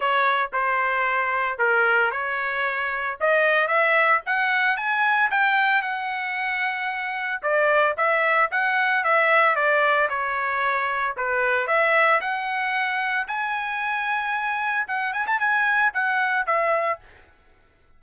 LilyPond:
\new Staff \with { instrumentName = "trumpet" } { \time 4/4 \tempo 4 = 113 cis''4 c''2 ais'4 | cis''2 dis''4 e''4 | fis''4 gis''4 g''4 fis''4~ | fis''2 d''4 e''4 |
fis''4 e''4 d''4 cis''4~ | cis''4 b'4 e''4 fis''4~ | fis''4 gis''2. | fis''8 gis''16 a''16 gis''4 fis''4 e''4 | }